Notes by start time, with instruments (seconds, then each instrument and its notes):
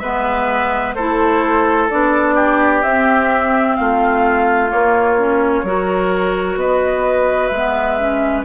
0.00 bassoon G#3, clarinet B3, oboe B4, flute E5
0.95 bassoon A3, clarinet E4, oboe A4, flute C5
1.90 bassoon B3, clarinet D4, flute D5
2.35 oboe G4
2.83 bassoon C4, clarinet C4, flute E5
3.76 bassoon A3, oboe F4, flute F5
4.69 clarinet A#3, bassoon A#3, flute C#5
5.18 clarinet C#4
5.64 bassoon F#3, clarinet F#4, oboe A#4
6.56 bassoon B3, oboe B4, flute D#5
7.48 bassoon G#3, clarinet B3, flute E5
7.99 clarinet C#4